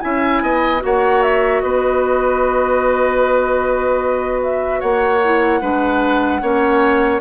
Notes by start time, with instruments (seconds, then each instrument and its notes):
0.00 bassoon C#4, clarinet E4, oboe E5, flute G#5
0.42 bassoon B3, oboe D#5
0.80 bassoon A#3, clarinet F#4, oboe C#5, flute F#5
1.23 flute E5
1.62 bassoon B3, oboe B4, flute D#5
4.44 flute E5
4.80 bassoon A#3, oboe C#5, flute F#5
5.25 clarinet E4
5.62 bassoon G#3, clarinet D4, oboe B4
6.42 bassoon A#3, clarinet C#4, oboe C#5